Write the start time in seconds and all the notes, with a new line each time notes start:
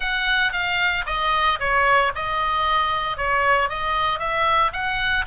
0.00 F#5
0.52 F5
1.06 D#5
1.59 C#5
2.15 D#5
3.17 C#5
3.69 D#5
4.19 E5
4.72 F#5